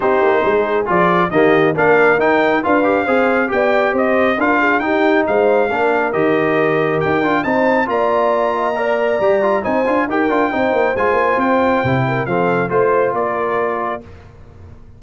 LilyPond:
<<
  \new Staff \with { instrumentName = "trumpet" } { \time 4/4 \tempo 4 = 137 c''2 d''4 dis''4 | f''4 g''4 f''2 | g''4 dis''4 f''4 g''4 | f''2 dis''2 |
g''4 a''4 ais''2~ | ais''2 gis''4 g''4~ | g''4 gis''4 g''2 | f''4 c''4 d''2 | }
  \new Staff \with { instrumentName = "horn" } { \time 4/4 g'4 gis'2 g'4 | ais'2 b'4 c''4 | d''4 c''4 ais'8 gis'8 g'4 | c''4 ais'2.~ |
ais'4 c''4 d''4. dis''8 | d''2 c''4 ais'4 | c''2.~ c''8 ais'8 | a'4 c''4 ais'2 | }
  \new Staff \with { instrumentName = "trombone" } { \time 4/4 dis'2 f'4 ais4 | d'4 dis'4 f'8 g'8 gis'4 | g'2 f'4 dis'4~ | dis'4 d'4 g'2~ |
g'8 f'8 dis'4 f'2 | ais'4 g'8 f'8 dis'8 f'8 g'8 f'8 | dis'4 f'2 e'4 | c'4 f'2. | }
  \new Staff \with { instrumentName = "tuba" } { \time 4/4 c'8 ais8 gis4 f4 dis4 | ais4 dis'4 d'4 c'4 | b4 c'4 d'4 dis'4 | gis4 ais4 dis2 |
dis'8 d'8 c'4 ais2~ | ais4 g4 c'8 d'8 dis'8 d'8 | c'8 ais8 gis8 ais8 c'4 c4 | f4 a4 ais2 | }
>>